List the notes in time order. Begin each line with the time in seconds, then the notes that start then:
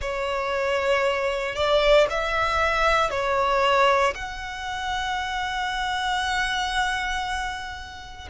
0.01 C#5
1.55 D5
2.10 E5
3.10 C#5
4.14 F#5